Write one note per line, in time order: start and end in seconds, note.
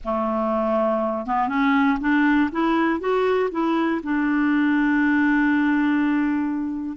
0.04 1.26 A3
1.26 1.48 B3
1.48 1.98 C#4
2.00 2.50 D4
2.51 3.00 E4
3.00 3.50 F#4
3.51 4.01 E4
4.02 6.96 D4